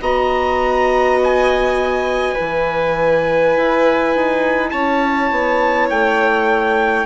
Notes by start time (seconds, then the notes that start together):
0.00 B3 F#4 D#5 A#5
1.23 G#5
2.34 E3 E4 B4
3.57 E4
4.15 D#4
4.70 C#4 C#5 A5
5.30 B3
5.90 A3 G5